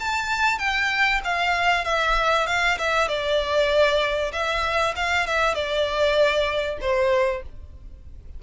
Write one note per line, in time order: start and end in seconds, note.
0.00 0.59 A5
0.59 1.21 G5
1.24 1.85 F5
1.85 2.47 E5
2.47 2.78 F5
2.78 3.08 E5
3.08 4.32 D5
4.33 4.95 E5
4.96 5.27 F5
5.27 5.54 E5
5.54 6.78 D5
6.81 7.43 C5